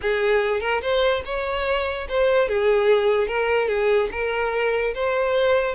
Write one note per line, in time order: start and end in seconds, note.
0.01 0.60 G#4
0.60 0.81 A#4
0.81 1.22 C5
1.25 2.07 C#5
2.08 2.48 C5
2.48 3.27 G#4
3.27 3.68 A#4
3.68 4.09 G#4
4.11 4.94 A#4
4.94 5.75 C5